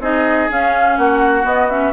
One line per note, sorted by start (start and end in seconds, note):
0.00 0.48 C4
0.00 0.50 D#4
0.00 0.98 G#4
0.00 0.50 D#5
0.50 1.44 C#4
0.50 0.98 C#4
0.50 0.97 F5
0.97 1.44 A#3
0.97 1.93 F#4
0.97 1.46 F#5
1.44 1.68 B3
1.44 1.93 B3
1.44 1.70 D#5
1.70 1.93 C#4
1.70 1.93 E5